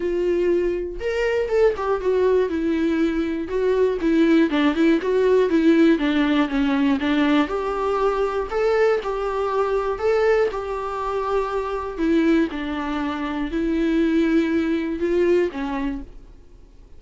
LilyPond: \new Staff \with { instrumentName = "viola" } { \time 4/4 \tempo 4 = 120 f'2 ais'4 a'8 g'8 | fis'4 e'2 fis'4 | e'4 d'8 e'8 fis'4 e'4 | d'4 cis'4 d'4 g'4~ |
g'4 a'4 g'2 | a'4 g'2. | e'4 d'2 e'4~ | e'2 f'4 cis'4 | }